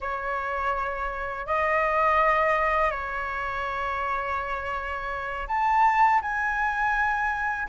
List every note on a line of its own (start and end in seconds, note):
0.00 1.46 C#5
1.46 2.91 D#5
2.91 5.47 C#5
5.47 6.20 A5
6.21 7.68 G#5